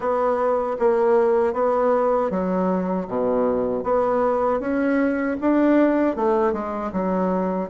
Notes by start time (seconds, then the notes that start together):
0.00 B3
0.79 A#3
1.53 B3
2.30 F#3
3.07 B2
3.83 B3
4.60 C#4
5.40 D4
6.15 A3
6.52 G#3
6.92 F#3